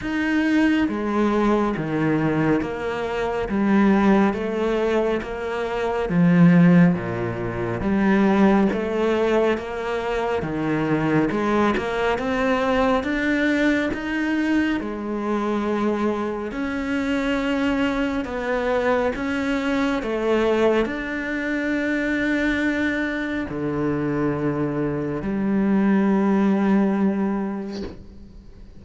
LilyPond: \new Staff \with { instrumentName = "cello" } { \time 4/4 \tempo 4 = 69 dis'4 gis4 dis4 ais4 | g4 a4 ais4 f4 | ais,4 g4 a4 ais4 | dis4 gis8 ais8 c'4 d'4 |
dis'4 gis2 cis'4~ | cis'4 b4 cis'4 a4 | d'2. d4~ | d4 g2. | }